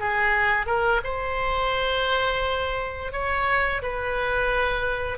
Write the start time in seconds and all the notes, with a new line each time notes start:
0.00 G#4
0.66 A#4
1.04 C5
3.13 C#5
3.82 B4